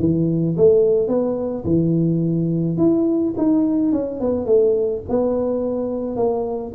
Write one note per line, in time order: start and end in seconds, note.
0.00 0.57 E3
0.57 1.08 A3
1.08 1.65 B3
1.65 2.78 E3
2.78 3.34 E4
3.38 3.93 D#4
3.93 4.21 C#4
4.21 4.46 B3
4.46 5.03 A3
5.09 6.16 B3
6.16 6.73 A#3